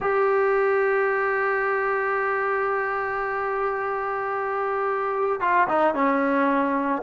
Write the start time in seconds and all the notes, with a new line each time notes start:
0.00 G4
5.40 F4
5.69 D#4
5.94 C#4